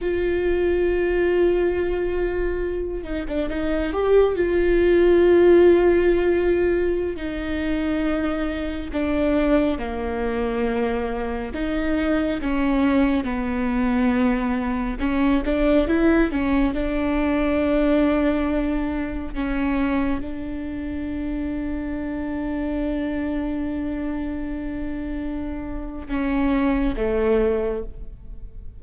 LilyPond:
\new Staff \with { instrumentName = "viola" } { \time 4/4 \tempo 4 = 69 f'2.~ f'8 dis'16 d'16 | dis'8 g'8 f'2.~ | f'16 dis'2 d'4 ais8.~ | ais4~ ais16 dis'4 cis'4 b8.~ |
b4~ b16 cis'8 d'8 e'8 cis'8 d'8.~ | d'2~ d'16 cis'4 d'8.~ | d'1~ | d'2 cis'4 a4 | }